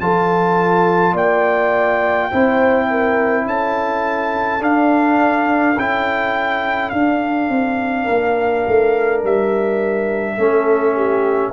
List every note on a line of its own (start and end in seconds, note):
0.00 1.13 F3
0.00 2.31 F4
0.00 1.13 A4
0.00 1.15 A5
1.13 2.28 A#3
1.13 2.29 D5
1.13 3.47 G5
2.31 3.45 C4
2.31 4.60 E4
2.31 2.88 C5
2.90 3.45 A#4
3.45 4.61 C#4
3.45 8.04 A4
3.45 4.63 A5
4.60 5.75 D4
4.60 5.76 D4
4.60 5.79 F5
5.77 6.92 C#4
5.77 6.93 E4
5.77 6.89 G5
6.89 7.49 D4
6.89 10.38 D4
6.89 9.20 F5
7.49 8.07 C4
8.04 8.66 A#3
8.04 10.35 A#4
8.67 9.23 A3
9.23 10.37 G3
9.23 11.52 E5
10.37 11.52 A3
10.37 11.52 C#4
10.37 10.95 A4
10.95 11.52 G4